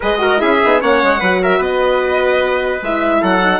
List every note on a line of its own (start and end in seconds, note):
0.00 0.42 G#3
0.00 0.18 G#4
0.00 0.19 B4
0.00 0.40 D#5
0.18 0.37 F#4
0.18 0.41 A#4
0.37 0.62 C#4
0.37 0.58 E4
0.37 0.80 G#4
0.37 0.80 E5
0.63 0.82 B3
0.63 0.79 D#4
0.79 1.02 A#3
0.79 1.19 C#4
0.79 1.20 C#5
0.79 1.43 F#5
1.03 1.21 G#3
1.20 1.59 F#3
1.20 2.83 F#4
1.20 1.40 B4
1.42 1.58 A#4
1.42 1.62 E5
1.58 2.80 B3
1.58 3.19 B4
1.58 2.83 D#5
2.81 3.22 G#3
2.81 3.41 E4
2.81 3.23 E5
3.21 3.60 F#3
3.21 3.60 A4
3.21 3.60 F#5
3.41 3.60 D#4